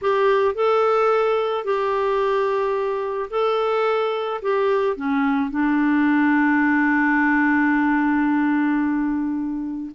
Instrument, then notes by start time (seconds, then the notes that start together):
clarinet
0.01 G4
0.54 A4
1.64 G4
3.30 A4
4.42 G4
4.96 C#4
5.50 D4